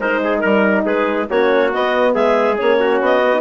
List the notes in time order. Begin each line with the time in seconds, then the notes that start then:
0.00 G#3 D#4 A#4 C5
0.24 G#4
0.39 G3 A#4
0.85 G#3 G#4 B4
1.31 A#3 C#4 F#4 C#5
1.72 B3 D#5
2.14 G#3 G#4 E5
2.58 A#3 C#4 C#5
2.80 F#4
3.01 B3 D#5
3.23 B3
3.34 D#4